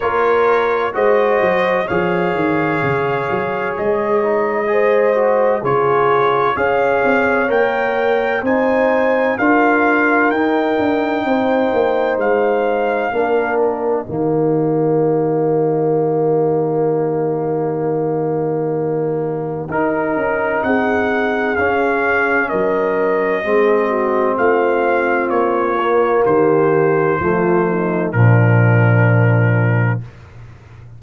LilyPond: <<
  \new Staff \with { instrumentName = "trumpet" } { \time 4/4 \tempo 4 = 64 cis''4 dis''4 f''2 | dis''2 cis''4 f''4 | g''4 gis''4 f''4 g''4~ | g''4 f''4. dis''4.~ |
dis''1~ | dis''4 ais'4 fis''4 f''4 | dis''2 f''4 cis''4 | c''2 ais'2 | }
  \new Staff \with { instrumentName = "horn" } { \time 4/4 ais'4 c''4 cis''2~ | cis''4 c''4 gis'4 cis''4~ | cis''4 c''4 ais'2 | c''2 ais'4 g'4~ |
g'1~ | g'2 gis'2 | ais'4 gis'8 fis'8 f'2 | g'4 f'8 dis'8 d'2 | }
  \new Staff \with { instrumentName = "trombone" } { \time 4/4 f'4 fis'4 gis'2~ | gis'8 dis'8 gis'8 fis'8 f'4 gis'4 | ais'4 dis'4 f'4 dis'4~ | dis'2 d'4 ais4~ |
ais1~ | ais4 dis'2 cis'4~ | cis'4 c'2~ c'8 ais8~ | ais4 a4 f2 | }
  \new Staff \with { instrumentName = "tuba" } { \time 4/4 ais4 gis8 fis8 f8 dis8 cis8 fis8 | gis2 cis4 cis'8 c'8 | ais4 c'4 d'4 dis'8 d'8 | c'8 ais8 gis4 ais4 dis4~ |
dis1~ | dis4 dis'8 cis'8 c'4 cis'4 | fis4 gis4 a4 ais4 | dis4 f4 ais,2 | }
>>